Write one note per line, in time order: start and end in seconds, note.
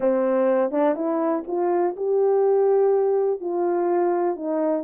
0.00 0.71 C4
0.71 0.95 D4
0.95 1.43 E4
1.47 1.95 F4
1.96 3.40 G4
3.40 4.36 F4
4.36 4.83 D#4